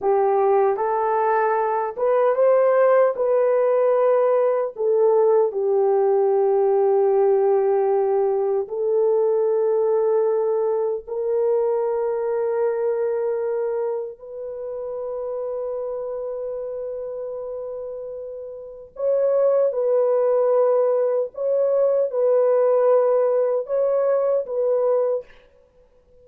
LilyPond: \new Staff \with { instrumentName = "horn" } { \time 4/4 \tempo 4 = 76 g'4 a'4. b'8 c''4 | b'2 a'4 g'4~ | g'2. a'4~ | a'2 ais'2~ |
ais'2 b'2~ | b'1 | cis''4 b'2 cis''4 | b'2 cis''4 b'4 | }